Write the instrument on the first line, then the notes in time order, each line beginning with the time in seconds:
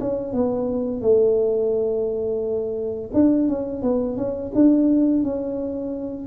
tuba
0.00 C#4
0.33 B3
1.01 A3
3.13 D4
3.48 C#4
3.82 B3
4.17 C#4
4.54 D4
5.23 C#4